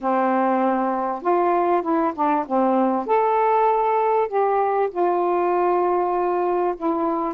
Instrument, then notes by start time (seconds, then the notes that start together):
saxophone
0.01 C4
1.22 F4
1.82 E4
2.14 D4
2.46 C4
3.06 A4
4.27 G4
4.91 F4
6.77 E4